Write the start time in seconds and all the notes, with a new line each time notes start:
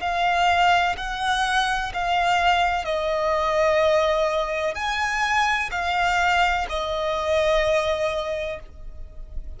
0.00 F5
0.97 F#5
1.94 F5
2.84 D#5
4.74 G#5
5.71 F5
6.69 D#5